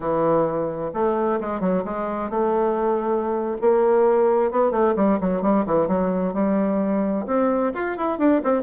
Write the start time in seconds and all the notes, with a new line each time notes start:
0.00 E3
0.93 A3
1.40 G#3
1.60 F#3
1.84 G#3
2.30 A3
3.61 A#3
4.51 B3
4.71 A3
4.96 G3
5.20 F#3
5.42 G3
5.66 E3
5.87 F#3
6.33 G3
7.26 C4
7.73 F4
7.97 E4
8.18 D4
8.43 C4